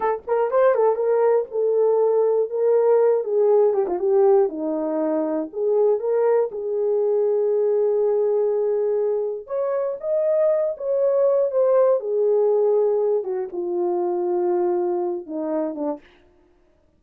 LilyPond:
\new Staff \with { instrumentName = "horn" } { \time 4/4 \tempo 4 = 120 a'8 ais'8 c''8 a'8 ais'4 a'4~ | a'4 ais'4. gis'4 g'16 f'16 | g'4 dis'2 gis'4 | ais'4 gis'2.~ |
gis'2. cis''4 | dis''4. cis''4. c''4 | gis'2~ gis'8 fis'8 f'4~ | f'2~ f'8 dis'4 d'8 | }